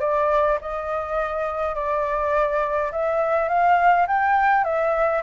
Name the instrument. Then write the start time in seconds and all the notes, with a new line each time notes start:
flute
0.00 D5
0.61 D#5
1.74 D5
2.92 E5
3.48 F5
4.07 G5
4.64 E5